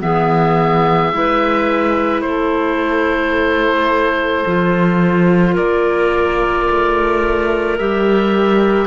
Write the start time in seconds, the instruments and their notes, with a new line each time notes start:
0.00 cello E3, clarinet B3 G#4, oboe E5
1.12 cello G#3, clarinet E4 B4
2.21 cello A3, clarinet A4, oboe C5
4.46 cello F3, clarinet F4
5.53 cello A#3, clarinet A#4, oboe D5
6.69 cello A3
7.78 cello G3, clarinet G4, oboe E5